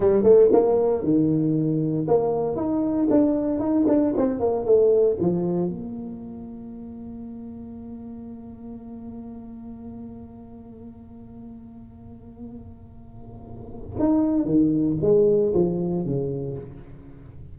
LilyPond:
\new Staff \with { instrumentName = "tuba" } { \time 4/4 \tempo 4 = 116 g8 a8 ais4 dis2 | ais4 dis'4 d'4 dis'8 d'8 | c'8 ais8 a4 f4 ais4~ | ais1~ |
ais1~ | ais1~ | ais2. dis'4 | dis4 gis4 f4 cis4 | }